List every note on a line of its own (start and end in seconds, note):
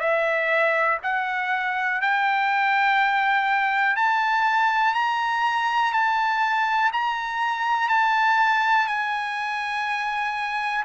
0.00 0.98 E5
1.03 2.02 F#5
2.02 3.97 G5
3.97 4.94 A5
4.94 5.93 A#5
5.93 6.91 A5
6.93 7.89 A#5
7.89 8.87 A5
8.87 10.84 G#5